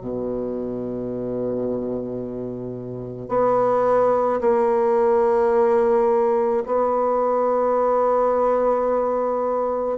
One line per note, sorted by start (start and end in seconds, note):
0.00 3.29 B2
3.29 4.40 B3
4.41 6.63 A#3
6.66 9.97 B3